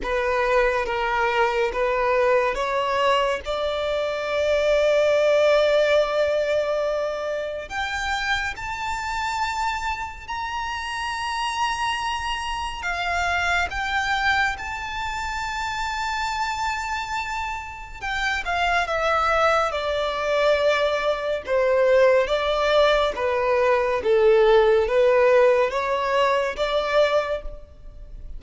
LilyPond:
\new Staff \with { instrumentName = "violin" } { \time 4/4 \tempo 4 = 70 b'4 ais'4 b'4 cis''4 | d''1~ | d''4 g''4 a''2 | ais''2. f''4 |
g''4 a''2.~ | a''4 g''8 f''8 e''4 d''4~ | d''4 c''4 d''4 b'4 | a'4 b'4 cis''4 d''4 | }